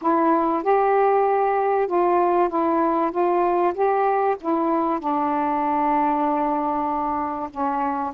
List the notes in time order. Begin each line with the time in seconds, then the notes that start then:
0.01 E4
0.63 G4
1.87 F4
2.49 E4
3.11 F4
3.74 G4
4.41 E4
4.99 D4
7.50 C#4